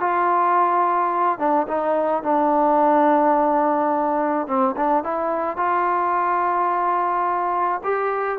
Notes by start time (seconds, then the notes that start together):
0.00 F4
1.38 D4
1.67 D#4
2.23 D4
4.47 C4
4.76 D4
5.03 E4
5.57 F4
7.83 G4